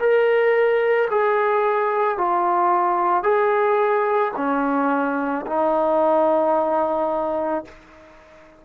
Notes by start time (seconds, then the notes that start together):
0.00 A#4
1.11 G#4
2.18 F4
3.23 G#4
4.37 C#4
5.47 D#4